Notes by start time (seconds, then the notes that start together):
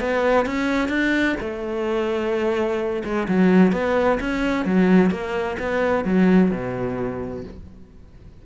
0.00 B3
0.46 C#4
0.89 D4
1.40 A3
3.04 G#3
3.28 F#3
3.72 B3
4.20 C#4
4.66 F#3
5.11 A#3
5.59 B3
6.04 F#3
6.51 B2